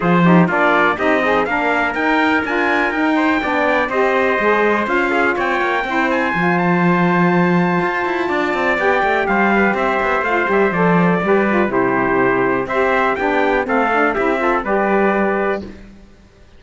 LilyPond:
<<
  \new Staff \with { instrumentName = "trumpet" } { \time 4/4 \tempo 4 = 123 c''4 d''4 dis''4 f''4 | g''4 gis''4 g''2 | dis''2 f''4 g''4~ | g''8 gis''4 a''2~ a''8~ |
a''2 g''4 f''4 | e''4 f''8 e''8 d''2 | c''2 e''4 g''4 | f''4 e''4 d''2 | }
  \new Staff \with { instrumentName = "trumpet" } { \time 4/4 gis'8 g'8 f'4 g'8 dis'8 ais'4~ | ais'2~ ais'8 c''8 d''4 | c''2~ c''8 gis'8 cis''4 | c''1~ |
c''4 d''2 c''8 b'8 | c''2. b'4 | g'2 c''4 g'4 | a'4 g'8 a'8 b'2 | }
  \new Staff \with { instrumentName = "saxophone" } { \time 4/4 f'8 dis'8 d'4 dis'8 gis'8 d'4 | dis'4 f'4 dis'4 d'4 | g'4 gis'4 f'2 | e'4 f'2.~ |
f'2 g'2~ | g'4 f'8 g'8 a'4 g'8 f'8 | e'2 g'4 d'4 | c'8 d'8 e'8 f'8 g'2 | }
  \new Staff \with { instrumentName = "cello" } { \time 4/4 f4 ais4 c'4 ais4 | dis'4 d'4 dis'4 b4 | c'4 gis4 cis'4 c'8 ais8 | c'4 f2. |
f'8 e'8 d'8 c'8 b8 a8 g4 | c'8 b8 a8 g8 f4 g4 | c2 c'4 b4 | a4 c'4 g2 | }
>>